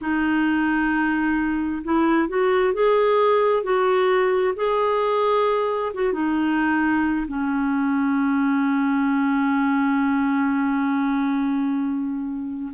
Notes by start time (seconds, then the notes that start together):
0.01 D#4
1.83 E4
2.28 F#4
2.73 G#4
3.63 F#4
4.55 G#4
5.93 F#4
6.12 D#4
7.27 C#4